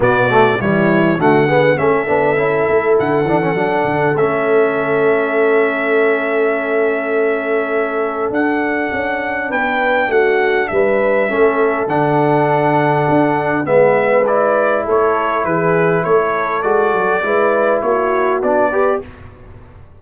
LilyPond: <<
  \new Staff \with { instrumentName = "trumpet" } { \time 4/4 \tempo 4 = 101 d''4 cis''4 fis''4 e''4~ | e''4 fis''2 e''4~ | e''1~ | e''2 fis''2 |
g''4 fis''4 e''2 | fis''2. e''4 | d''4 cis''4 b'4 cis''4 | d''2 cis''4 d''4 | }
  \new Staff \with { instrumentName = "horn" } { \time 4/4 fis'4 e'4 fis'8 gis'8 a'4~ | a'1~ | a'1~ | a'1 |
b'4 fis'4 b'4 a'4~ | a'2. b'4~ | b'4 a'4 gis'4 a'4~ | a'4 b'4 fis'4. b'8 | }
  \new Staff \with { instrumentName = "trombone" } { \time 4/4 b8 a8 g4 a8 b8 cis'8 d'8 | e'4. d'16 cis'16 d'4 cis'4~ | cis'1~ | cis'2 d'2~ |
d'2. cis'4 | d'2. b4 | e'1 | fis'4 e'2 d'8 g'8 | }
  \new Staff \with { instrumentName = "tuba" } { \time 4/4 b,4 e4 d4 a8 b8 | cis'8 a8 d8 e8 fis8 d8 a4~ | a1~ | a2 d'4 cis'4 |
b4 a4 g4 a4 | d2 d'4 gis4~ | gis4 a4 e4 a4 | gis8 fis8 gis4 ais4 b4 | }
>>